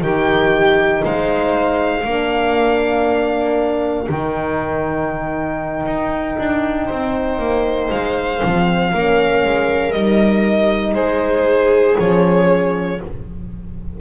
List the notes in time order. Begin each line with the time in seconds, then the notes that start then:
0.00 D#3 D#4 G4 G5
1.05 G#3 C5 F5
2.04 A#3 D4 A#4
4.09 D#3 D#4 G5
5.86 D#4
6.38 D4
6.86 C4 C5
7.38 A#3
7.90 G#3 F5
8.43 F3 C4
8.92 A#3 C#4 A#4
9.44 G#3
9.92 G3 D#4 D#5
10.94 G#3 G#4 C5
11.98 F3 C#4 C#5